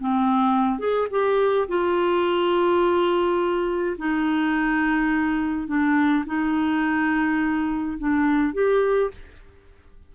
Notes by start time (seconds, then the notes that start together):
0.00 C4
0.79 G#4
1.11 G4
1.68 F4
3.98 D#4
5.68 D4
6.26 D#4
7.98 D4
8.54 G4